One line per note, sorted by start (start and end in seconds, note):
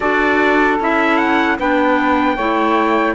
0.00 0.79 D4
0.00 0.79 F#4
0.00 1.57 A4
0.00 0.78 D5
0.79 1.58 C#4
0.79 1.58 E4
0.79 1.17 E5
1.17 1.56 F#5
1.58 2.37 B3
1.58 2.37 D4
1.58 2.35 B4
1.58 3.15 G5
2.35 3.15 A3
2.35 3.15 E4
2.35 3.14 C#5